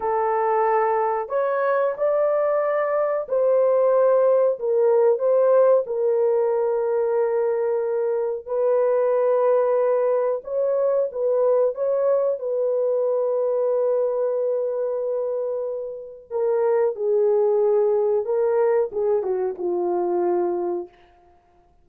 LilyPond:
\new Staff \with { instrumentName = "horn" } { \time 4/4 \tempo 4 = 92 a'2 cis''4 d''4~ | d''4 c''2 ais'4 | c''4 ais'2.~ | ais'4 b'2. |
cis''4 b'4 cis''4 b'4~ | b'1~ | b'4 ais'4 gis'2 | ais'4 gis'8 fis'8 f'2 | }